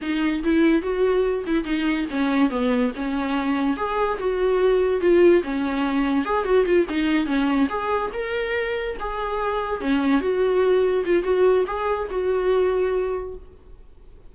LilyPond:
\new Staff \with { instrumentName = "viola" } { \time 4/4 \tempo 4 = 144 dis'4 e'4 fis'4. e'8 | dis'4 cis'4 b4 cis'4~ | cis'4 gis'4 fis'2 | f'4 cis'2 gis'8 fis'8 |
f'8 dis'4 cis'4 gis'4 ais'8~ | ais'4. gis'2 cis'8~ | cis'8 fis'2 f'8 fis'4 | gis'4 fis'2. | }